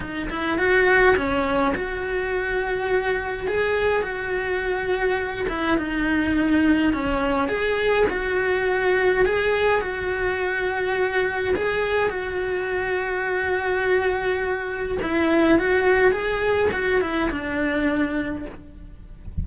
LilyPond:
\new Staff \with { instrumentName = "cello" } { \time 4/4 \tempo 4 = 104 dis'8 e'8 fis'4 cis'4 fis'4~ | fis'2 gis'4 fis'4~ | fis'4. e'8 dis'2 | cis'4 gis'4 fis'2 |
gis'4 fis'2. | gis'4 fis'2.~ | fis'2 e'4 fis'4 | gis'4 fis'8 e'8 d'2 | }